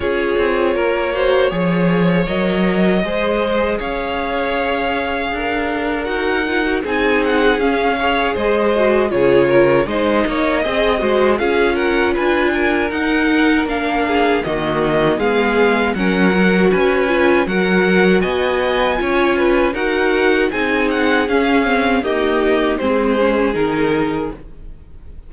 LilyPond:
<<
  \new Staff \with { instrumentName = "violin" } { \time 4/4 \tempo 4 = 79 cis''2. dis''4~ | dis''4 f''2. | fis''4 gis''8 fis''8 f''4 dis''4 | cis''4 dis''2 f''8 fis''8 |
gis''4 fis''4 f''4 dis''4 | f''4 fis''4 gis''4 fis''4 | gis''2 fis''4 gis''8 fis''8 | f''4 dis''4 c''4 ais'4 | }
  \new Staff \with { instrumentName = "violin" } { \time 4/4 gis'4 ais'8 c''8 cis''2 | c''4 cis''2 ais'4~ | ais'4 gis'4. cis''8 c''4 | gis'8 ais'8 c''8 cis''8 dis''8 c''8 gis'8 ais'8 |
b'8 ais'2 gis'8 fis'4 | gis'4 ais'4 b'4 ais'4 | dis''4 cis''8 b'8 ais'4 gis'4~ | gis'4 g'4 gis'2 | }
  \new Staff \with { instrumentName = "viola" } { \time 4/4 f'4. fis'8 gis'4 ais'4 | gis'1 | fis'8 f'16 fis'16 dis'4 cis'8 gis'4 fis'8 | f'4 dis'4 gis'8 fis'8 f'4~ |
f'4 dis'4 d'4 ais4 | b4 cis'8 fis'4 f'8 fis'4~ | fis'4 f'4 fis'4 dis'4 | cis'8 c'8 ais4 c'8 cis'8 dis'4 | }
  \new Staff \with { instrumentName = "cello" } { \time 4/4 cis'8 c'8 ais4 f4 fis4 | gis4 cis'2 d'4 | dis'4 c'4 cis'4 gis4 | cis4 gis8 ais8 c'8 gis8 cis'4 |
d'4 dis'4 ais4 dis4 | gis4 fis4 cis'4 fis4 | b4 cis'4 dis'4 c'4 | cis'4 dis'4 gis4 dis4 | }
>>